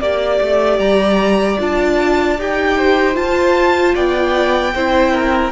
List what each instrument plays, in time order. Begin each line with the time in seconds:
0.00 cello A#3, viola G4, violin D5
0.40 cello A3
0.78 cello G3, violin A#5
1.59 cello D4, viola F4, violin A5
2.38 cello D#4, viola G4, violin G5
2.77 violin C5
3.14 viola F4, cello F4, violin A5
3.95 cello B3, violin D5 G5
4.74 cello C4, viola E4, violin C5
5.13 violin A#4